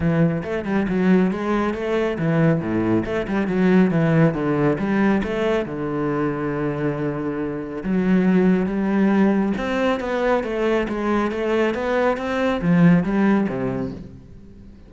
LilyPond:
\new Staff \with { instrumentName = "cello" } { \time 4/4 \tempo 4 = 138 e4 a8 g8 fis4 gis4 | a4 e4 a,4 a8 g8 | fis4 e4 d4 g4 | a4 d2.~ |
d2 fis2 | g2 c'4 b4 | a4 gis4 a4 b4 | c'4 f4 g4 c4 | }